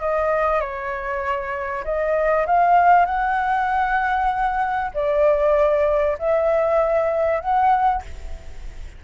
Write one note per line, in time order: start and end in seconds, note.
0.00 0.60 D#5
0.60 1.84 C#5
1.84 2.46 D#5
2.46 3.06 F5
3.06 4.91 F#5
4.94 6.17 D5
6.19 7.40 E5
7.40 8.02 F#5